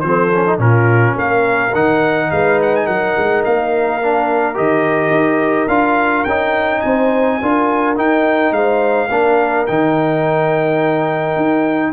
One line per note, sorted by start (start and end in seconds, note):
0.00 0.58 F3
0.00 0.32 C4
0.00 0.57 C5
0.07 0.61 A4
0.35 0.47 C#4
0.47 0.59 D#4
0.58 1.15 A#2
0.58 1.72 C#4
0.58 1.15 F4
0.58 1.18 A#4
1.15 1.74 A#3
1.15 2.28 A#4
1.15 1.75 F5
1.75 2.31 D#3
1.75 4.02 D#4
1.75 2.31 F#5
2.31 2.88 G#3
2.31 2.85 B4
2.31 2.60 F5
2.63 2.76 F#5
2.76 2.87 G#5
2.85 3.16 F#3
2.85 6.82 A#4
2.85 3.44 F#5
3.18 3.46 G#3
3.45 4.58 A#3
3.45 4.57 F5
4.03 4.54 D4
4.54 5.11 D#3
4.54 5.68 G4
4.54 5.68 D#5
5.11 5.67 D#4
5.68 6.25 D4
5.68 6.26 F4
5.68 6.25 F5
6.25 6.83 C#4
6.25 7.42 D#4
6.25 6.81 G5
6.81 7.41 C4
6.81 7.41 C5
6.81 7.95 G#5
7.42 7.97 D4
7.42 7.96 F4
7.42 8.55 A#4
7.96 9.09 D#4
7.96 8.52 D#4
7.96 8.53 G5
8.52 9.08 G#3
8.52 9.08 C5
8.52 9.67 F5
9.08 9.67 A#3
9.08 9.68 D4
9.08 11.91 A#4
9.67 11.37 D#3
9.67 11.94 D#4
9.67 11.93 G5
11.37 11.93 D#4